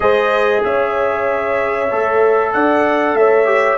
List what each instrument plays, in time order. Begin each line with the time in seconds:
0.00 tuba G#3, trombone G#4, horn C5, trumpet D#5
0.63 tuba C#4, horn C#5, trumpet E5
1.91 tuba A3, trombone A4
2.53 tuba D4, horn D5, trumpet F#5
3.13 tuba A3, horn C#5, trumpet E5
3.45 trombone G4